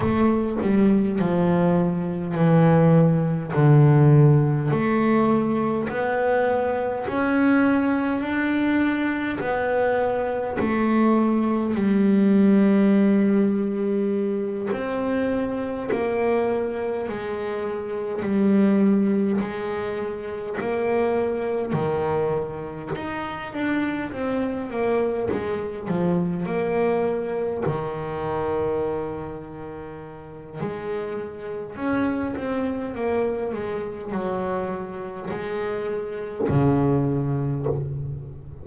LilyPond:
\new Staff \with { instrumentName = "double bass" } { \time 4/4 \tempo 4 = 51 a8 g8 f4 e4 d4 | a4 b4 cis'4 d'4 | b4 a4 g2~ | g8 c'4 ais4 gis4 g8~ |
g8 gis4 ais4 dis4 dis'8 | d'8 c'8 ais8 gis8 f8 ais4 dis8~ | dis2 gis4 cis'8 c'8 | ais8 gis8 fis4 gis4 cis4 | }